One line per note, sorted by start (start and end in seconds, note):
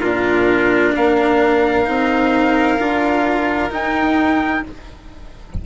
0.00 0.95 A#2
0.00 1.85 D4
0.00 0.92 F4
0.00 0.94 A#4
0.96 1.87 A#3
0.96 4.65 A#4
0.96 3.72 F5
1.85 2.79 C4
1.85 2.78 D#4
2.79 3.71 D4
2.79 3.70 F4
3.70 4.62 D#4
3.70 4.64 D#4
3.70 4.66 G5